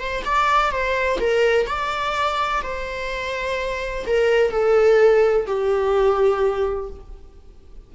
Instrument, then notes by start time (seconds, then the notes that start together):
viola
0.00 C5
0.25 D5
0.72 C5
1.20 A#4
1.67 D5
2.63 C5
4.07 A#4
4.51 A4
5.47 G4